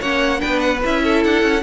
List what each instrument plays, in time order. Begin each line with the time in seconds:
0.00 cello A#3, viola C#4, violin C#5 F#5
0.39 cello B3, viola D4, violin B4 G5
0.60 violin F#5
0.84 cello C#4, viola E4, violin E5
1.03 violin A4
1.24 cello D4, violin F#5
1.42 cello C#4